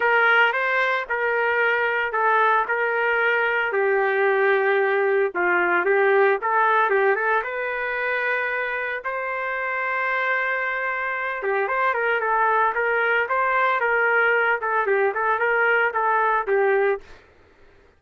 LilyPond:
\new Staff \with { instrumentName = "trumpet" } { \time 4/4 \tempo 4 = 113 ais'4 c''4 ais'2 | a'4 ais'2 g'4~ | g'2 f'4 g'4 | a'4 g'8 a'8 b'2~ |
b'4 c''2.~ | c''4. g'8 c''8 ais'8 a'4 | ais'4 c''4 ais'4. a'8 | g'8 a'8 ais'4 a'4 g'4 | }